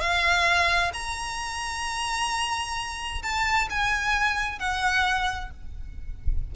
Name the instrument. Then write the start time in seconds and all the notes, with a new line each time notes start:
violin
0.00 F5
0.93 A#5
3.22 A5
3.70 G#5
4.59 F#5